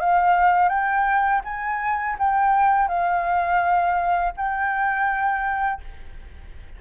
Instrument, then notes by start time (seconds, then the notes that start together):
flute
0.00 F5
0.69 G5
1.45 G#5
2.19 G5
2.88 F5
4.37 G5